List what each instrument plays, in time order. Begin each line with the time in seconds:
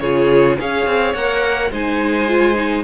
0.00 cello C#3, viola F4, violin G#4 C#5
0.59 cello C#4, viola G#4, violin C#5 F5
0.86 cello C4
1.14 cello A#3, viola A#4, violin F#5
1.71 cello G#3, viola D#4, violin C5 G#5
2.28 viola F4
2.55 viola D#4